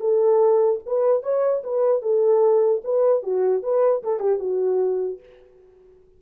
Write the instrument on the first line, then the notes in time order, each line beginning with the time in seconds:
horn
0.00 A4
0.86 B4
1.23 C#5
1.63 B4
2.02 A4
2.84 B4
3.23 F#4
3.63 B4
4.03 A4
4.20 G4
4.39 F#4